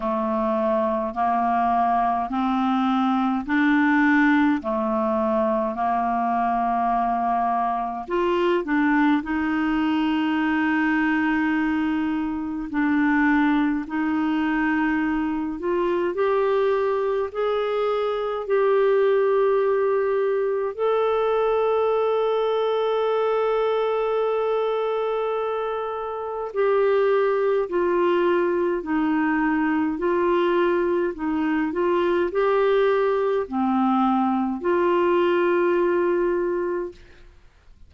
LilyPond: \new Staff \with { instrumentName = "clarinet" } { \time 4/4 \tempo 4 = 52 a4 ais4 c'4 d'4 | a4 ais2 f'8 d'8 | dis'2. d'4 | dis'4. f'8 g'4 gis'4 |
g'2 a'2~ | a'2. g'4 | f'4 dis'4 f'4 dis'8 f'8 | g'4 c'4 f'2 | }